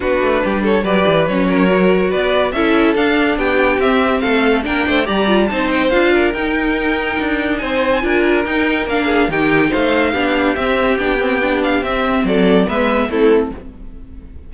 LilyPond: <<
  \new Staff \with { instrumentName = "violin" } { \time 4/4 \tempo 4 = 142 b'4. cis''8 d''4 cis''4~ | cis''4 d''4 e''4 f''4 | g''4 e''4 f''4 g''4 | ais''4 a''8 g''8 f''4 g''4~ |
g''2 gis''2 | g''4 f''4 g''4 f''4~ | f''4 e''4 g''4. f''8 | e''4 d''4 e''4 a'4 | }
  \new Staff \with { instrumentName = "violin" } { \time 4/4 fis'4 g'8 a'8 b'4. ais'8~ | ais'4 b'4 a'2 | g'2 a'4 ais'8 c''8 | d''4 c''4. ais'4.~ |
ais'2 c''4 ais'4~ | ais'4. gis'8 g'4 c''4 | g'1~ | g'4 a'4 b'4 e'4 | }
  \new Staff \with { instrumentName = "viola" } { \time 4/4 d'2 g'4 cis'4 | fis'2 e'4 d'4~ | d'4 c'2 d'4 | g'8 f'8 dis'4 f'4 dis'4~ |
dis'2. f'4 | dis'4 d'4 dis'2 | d'4 c'4 d'8 c'8 d'4 | c'2 b4 c'4 | }
  \new Staff \with { instrumentName = "cello" } { \time 4/4 b8 a8 g4 fis8 e8 fis4~ | fis4 b4 cis'4 d'4 | b4 c'4 a4 ais8 a8 | g4 c'4 d'4 dis'4~ |
dis'4 d'4 c'4 d'4 | dis'4 ais4 dis4 a4 | b4 c'4 b2 | c'4 fis4 gis4 a4 | }
>>